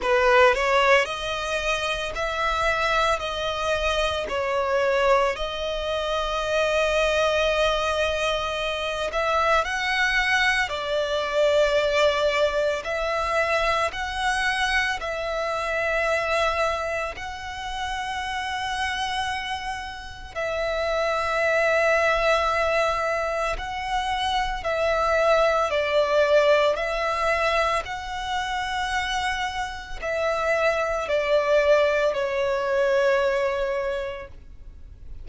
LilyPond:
\new Staff \with { instrumentName = "violin" } { \time 4/4 \tempo 4 = 56 b'8 cis''8 dis''4 e''4 dis''4 | cis''4 dis''2.~ | dis''8 e''8 fis''4 d''2 | e''4 fis''4 e''2 |
fis''2. e''4~ | e''2 fis''4 e''4 | d''4 e''4 fis''2 | e''4 d''4 cis''2 | }